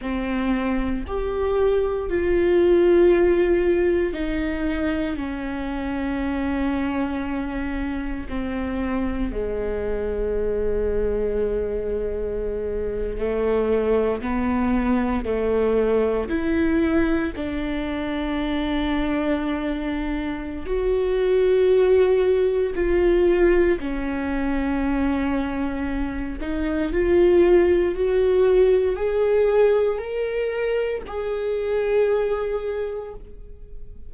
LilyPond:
\new Staff \with { instrumentName = "viola" } { \time 4/4 \tempo 4 = 58 c'4 g'4 f'2 | dis'4 cis'2. | c'4 gis2.~ | gis8. a4 b4 a4 e'16~ |
e'8. d'2.~ d'16 | fis'2 f'4 cis'4~ | cis'4. dis'8 f'4 fis'4 | gis'4 ais'4 gis'2 | }